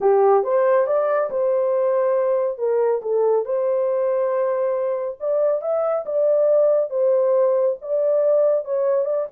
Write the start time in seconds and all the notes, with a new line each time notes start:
0.00 G4
0.43 C5
0.86 D5
1.30 C5
2.58 A#4
3.01 A4
3.45 C5
5.19 D5
5.61 E5
6.05 D5
6.89 C5
7.81 D5
8.64 C#5
9.05 D5